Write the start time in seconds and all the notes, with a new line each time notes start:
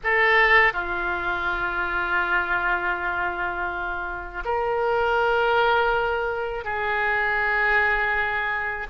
0.03 A4
0.73 F4
4.44 A#4
6.64 G#4